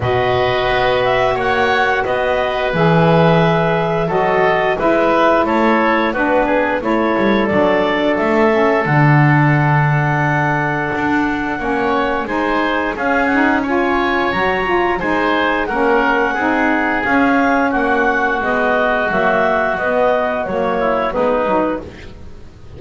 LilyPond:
<<
  \new Staff \with { instrumentName = "clarinet" } { \time 4/4 \tempo 4 = 88 dis''4. e''8 fis''4 dis''4 | e''2 dis''4 e''4 | cis''4 b'4 cis''4 d''4 | e''4 fis''2.~ |
fis''2 gis''4 f''8 fis''8 | gis''4 ais''4 gis''4 fis''4~ | fis''4 f''4 fis''4 dis''4 | e''4 dis''4 cis''4 b'4 | }
  \new Staff \with { instrumentName = "oboe" } { \time 4/4 b'2 cis''4 b'4~ | b'2 a'4 b'4 | a'4 fis'8 gis'8 a'2~ | a'1~ |
a'4 cis''4 c''4 gis'4 | cis''2 c''4 ais'4 | gis'2 fis'2~ | fis'2~ fis'8 e'8 dis'4 | }
  \new Staff \with { instrumentName = "saxophone" } { \time 4/4 fis'1 | gis'2 fis'4 e'4~ | e'4 d'4 e'4 d'4~ | d'8 cis'8 d'2.~ |
d'4 cis'4 dis'4 cis'8 dis'8 | f'4 fis'8 f'8 dis'4 cis'4 | dis'4 cis'2 b4 | ais4 b4 ais4 b8 dis'8 | }
  \new Staff \with { instrumentName = "double bass" } { \time 4/4 b,4 b4 ais4 b4 | e2 fis4 gis4 | a4 b4 a8 g8 fis4 | a4 d2. |
d'4 ais4 gis4 cis'4~ | cis'4 fis4 gis4 ais4 | c'4 cis'4 ais4 gis4 | fis4 b4 fis4 gis8 fis8 | }
>>